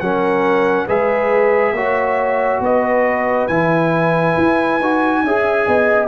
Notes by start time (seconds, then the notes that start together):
0.00 F#3 C#4 A#4 F#5
0.86 G#3 G#4 B4 E5
1.72 A#3 F#4 C#5
2.60 B3 B4 D#5
3.47 E3 E4 G#5
4.37 E4
4.80 D#4 F#4
5.23 C#4 G#4 E5
5.67 B3 D#5